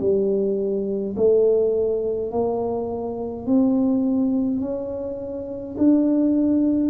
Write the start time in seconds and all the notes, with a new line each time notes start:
0.00 G3
1.16 A3
2.31 A#3
3.46 C4
4.60 C#4
5.77 D4